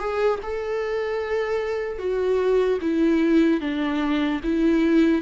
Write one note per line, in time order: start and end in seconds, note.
0.00 0.40 G#4
0.43 1.99 A4
1.99 2.79 F#4
2.82 3.61 E4
3.61 4.41 D4
4.44 5.22 E4